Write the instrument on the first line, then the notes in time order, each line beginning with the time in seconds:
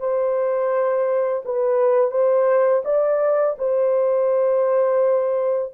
horn
0.00 C5
1.45 B4
2.11 C5
2.85 D5
3.58 C5